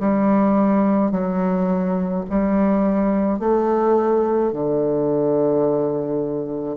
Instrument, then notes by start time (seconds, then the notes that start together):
bassoon
0.00 G3
1.11 F#3
2.30 G3
3.40 A3
4.53 D3